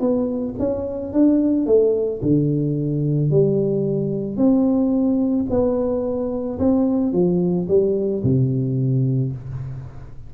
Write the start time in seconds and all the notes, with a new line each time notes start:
0.00 B3
0.59 C#4
1.13 D4
1.66 A3
2.22 D3
3.31 G3
4.37 C4
5.49 B3
6.59 C4
7.13 F3
7.68 G3
8.23 C3